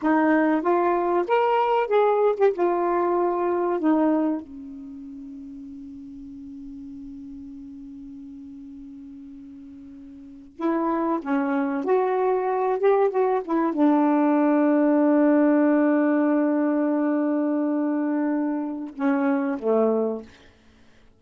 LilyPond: \new Staff \with { instrumentName = "saxophone" } { \time 4/4 \tempo 4 = 95 dis'4 f'4 ais'4 gis'8. g'16 | f'2 dis'4 cis'4~ | cis'1~ | cis'1~ |
cis'8. e'4 cis'4 fis'4~ fis'16~ | fis'16 g'8 fis'8 e'8 d'2~ d'16~ | d'1~ | d'2 cis'4 a4 | }